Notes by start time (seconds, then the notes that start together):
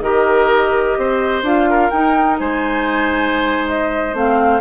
0.00 D#3 G4 A#4 D#5
0.98 C4 C5
1.42 D4 F4 F5
1.70 A#4
1.90 D#4 G5
2.39 G#3 C5 G#5
3.68 D#5
4.14 A3 C4 F5